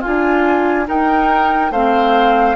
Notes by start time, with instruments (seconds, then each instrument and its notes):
0.00 bassoon D4, oboe F4, clarinet F4, flute G#5
0.86 clarinet D#4, bassoon D#4, oboe A#4, flute G5
1.71 bassoon A3, clarinet C4, oboe C5, flute F5